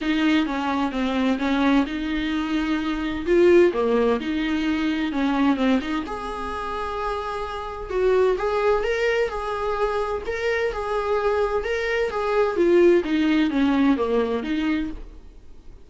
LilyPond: \new Staff \with { instrumentName = "viola" } { \time 4/4 \tempo 4 = 129 dis'4 cis'4 c'4 cis'4 | dis'2. f'4 | ais4 dis'2 cis'4 | c'8 dis'8 gis'2.~ |
gis'4 fis'4 gis'4 ais'4 | gis'2 ais'4 gis'4~ | gis'4 ais'4 gis'4 f'4 | dis'4 cis'4 ais4 dis'4 | }